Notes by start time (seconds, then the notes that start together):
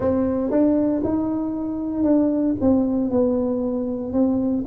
0.00 C4
0.50 D4
1.03 D#4
2.03 D4
2.61 C4
3.10 B3
4.12 C4